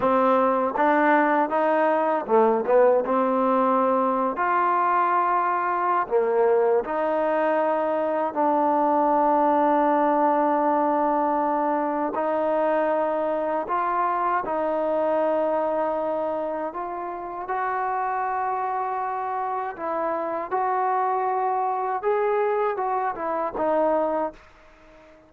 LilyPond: \new Staff \with { instrumentName = "trombone" } { \time 4/4 \tempo 4 = 79 c'4 d'4 dis'4 a8 b8 | c'4.~ c'16 f'2~ f'16 | ais4 dis'2 d'4~ | d'1 |
dis'2 f'4 dis'4~ | dis'2 f'4 fis'4~ | fis'2 e'4 fis'4~ | fis'4 gis'4 fis'8 e'8 dis'4 | }